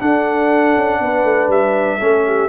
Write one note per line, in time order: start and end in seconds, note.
0.00 2.00 D4
0.00 0.76 D4
0.00 1.00 A4
0.00 1.51 F#5
0.77 1.00 C#4
1.00 1.24 B3
1.00 1.99 B4
1.24 1.49 A3
1.49 1.99 G3
1.49 2.49 E5
1.99 2.49 A3
1.99 2.49 C#4
1.99 2.24 A4
2.26 2.49 G4